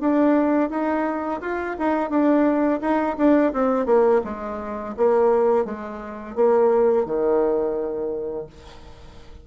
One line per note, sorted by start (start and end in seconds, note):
0.00 0.69 D4
0.69 1.40 D#4
1.41 1.76 F4
1.78 2.09 D#4
2.09 2.80 D4
2.80 3.16 D#4
3.17 3.52 D4
3.53 3.85 C4
3.85 4.21 A#3
4.24 4.94 G#3
4.97 5.64 A#3
5.64 6.35 G#3
6.35 7.05 A#3
7.05 8.46 D#3